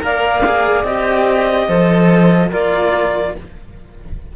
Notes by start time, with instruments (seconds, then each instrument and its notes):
0.00 cello A#3 A#4, saxophone D5, clarinet F5
0.45 cello G#4
0.83 cello C4 G4, clarinet D#5
1.67 cello F3 A4, saxophone C5
2.49 cello A#3 F4, saxophone A#4, clarinet D5